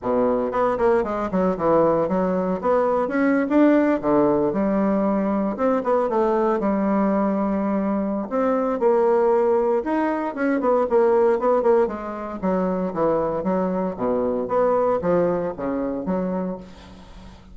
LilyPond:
\new Staff \with { instrumentName = "bassoon" } { \time 4/4 \tempo 4 = 116 b,4 b8 ais8 gis8 fis8 e4 | fis4 b4 cis'8. d'4 d16~ | d8. g2 c'8 b8 a16~ | a8. g2.~ g16 |
c'4 ais2 dis'4 | cis'8 b8 ais4 b8 ais8 gis4 | fis4 e4 fis4 b,4 | b4 f4 cis4 fis4 | }